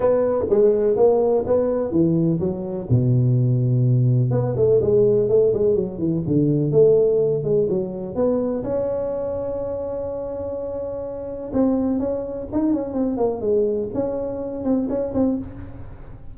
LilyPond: \new Staff \with { instrumentName = "tuba" } { \time 4/4 \tempo 4 = 125 b4 gis4 ais4 b4 | e4 fis4 b,2~ | b,4 b8 a8 gis4 a8 gis8 | fis8 e8 d4 a4. gis8 |
fis4 b4 cis'2~ | cis'1 | c'4 cis'4 dis'8 cis'8 c'8 ais8 | gis4 cis'4. c'8 cis'8 c'8 | }